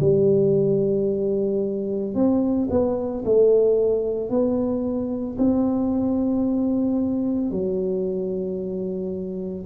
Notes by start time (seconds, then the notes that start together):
0.00 G3
2.14 C4
2.70 B3
3.24 A3
4.30 B3
5.38 C4
7.50 F#3